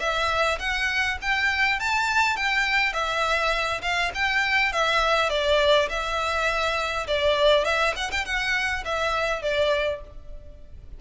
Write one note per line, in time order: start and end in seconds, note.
0.00 0.59 E5
0.60 1.18 F#5
1.22 1.80 G5
1.80 2.37 A5
2.37 2.93 G5
2.93 3.82 E5
3.82 4.12 F5
4.14 4.73 G5
4.73 5.30 E5
5.30 5.89 D5
5.90 7.07 E5
7.08 7.65 D5
7.65 7.94 E5
7.96 8.11 F#5
8.11 8.25 G5
8.25 8.84 F#5
8.85 9.42 E5
9.42 10.01 D5